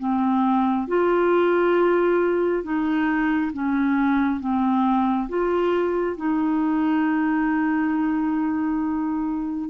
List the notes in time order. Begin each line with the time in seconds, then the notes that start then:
0.00 C4
0.88 F4
2.64 D#4
3.53 C#4
4.40 C4
5.29 F4
6.17 D#4